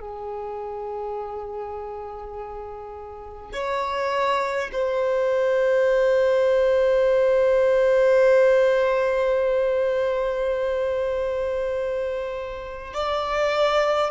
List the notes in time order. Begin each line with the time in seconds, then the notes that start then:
0.00 G#4
3.52 C#5
4.72 C5
12.94 D5